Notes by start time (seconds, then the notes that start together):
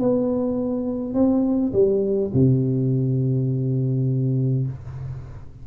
0.00 B3
1.14 C4
1.73 G3
2.34 C3